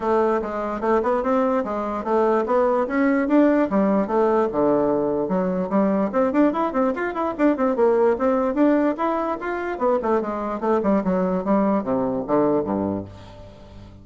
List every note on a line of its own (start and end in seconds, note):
0.00 0.41 A3
0.42 0.81 G#3
0.81 1.01 A3
1.02 1.23 B3
1.23 1.63 C4
1.64 2.04 G#3
2.04 2.44 A3
2.45 2.86 B3
2.87 3.27 C#4
3.28 3.68 D4
3.70 4.07 G3
4.07 4.48 A3
4.51 5.28 D3
5.28 5.69 F#3
5.69 6.10 G3
6.12 6.32 C4
6.32 6.52 D4
6.52 6.72 E4
6.72 6.93 C4
6.95 7.14 F4
7.14 7.34 E4
7.38 7.56 D4
7.56 7.76 C4
7.76 8.16 A#3
8.18 8.54 C4
8.54 8.95 D4
8.97 9.38 E4
9.40 9.78 F4
9.78 9.99 B3
10.02 10.21 A3
10.21 10.60 G#3
10.60 10.80 A3
10.82 11.03 G3
11.04 11.44 F#3
11.44 11.83 G3
11.83 12.24 C3
12.27 12.64 D3
12.64 13.04 G2